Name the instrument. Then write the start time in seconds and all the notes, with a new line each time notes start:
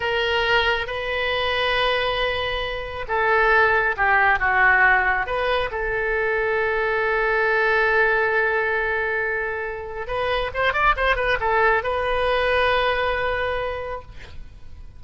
oboe
0.00 A#4
0.86 B4
3.08 A4
3.96 G4
4.39 F#4
5.26 B4
5.71 A4
10.07 B4
10.53 C5
10.73 D5
10.96 C5
11.16 B4
11.40 A4
11.83 B4